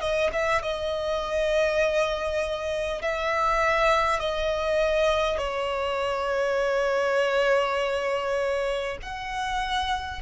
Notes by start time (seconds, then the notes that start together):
0.00 D#5
0.32 E5
0.62 D#5
3.02 E5
4.19 D#5
5.37 C#5
9.02 F#5